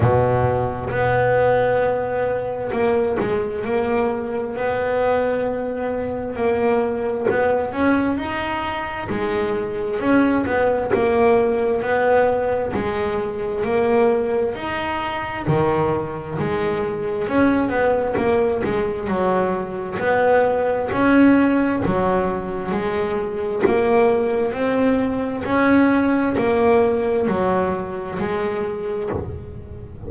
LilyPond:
\new Staff \with { instrumentName = "double bass" } { \time 4/4 \tempo 4 = 66 b,4 b2 ais8 gis8 | ais4 b2 ais4 | b8 cis'8 dis'4 gis4 cis'8 b8 | ais4 b4 gis4 ais4 |
dis'4 dis4 gis4 cis'8 b8 | ais8 gis8 fis4 b4 cis'4 | fis4 gis4 ais4 c'4 | cis'4 ais4 fis4 gis4 | }